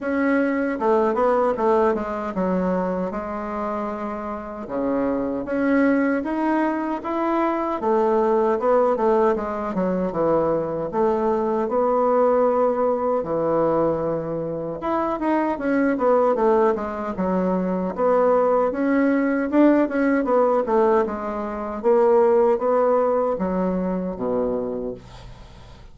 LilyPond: \new Staff \with { instrumentName = "bassoon" } { \time 4/4 \tempo 4 = 77 cis'4 a8 b8 a8 gis8 fis4 | gis2 cis4 cis'4 | dis'4 e'4 a4 b8 a8 | gis8 fis8 e4 a4 b4~ |
b4 e2 e'8 dis'8 | cis'8 b8 a8 gis8 fis4 b4 | cis'4 d'8 cis'8 b8 a8 gis4 | ais4 b4 fis4 b,4 | }